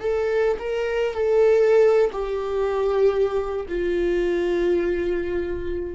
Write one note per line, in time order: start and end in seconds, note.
0.00 0.58 A4
0.59 1.14 A#4
1.14 2.10 A4
2.12 3.66 G4
3.69 5.95 F4